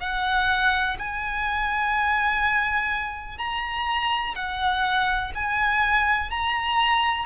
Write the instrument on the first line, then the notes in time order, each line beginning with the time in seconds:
violin
0.00 F#5
0.99 G#5
3.38 A#5
4.35 F#5
5.35 G#5
6.30 A#5